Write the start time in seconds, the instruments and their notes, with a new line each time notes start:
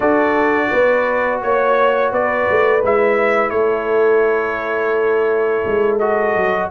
0.00 tuba D4, trombone F#4, horn A4, trumpet D5
0.71 tuba B3, horn B4
1.42 tuba A#3, trumpet C#5, horn C#5
2.12 tuba B3, horn B4, trumpet D5
2.50 tuba A3
2.83 tuba G#3, trombone E4, trumpet E5
3.50 tuba A3, horn A4, trumpet C#5
5.66 tuba G#3
5.99 trombone F#4, trumpet D#5
6.35 tuba F#3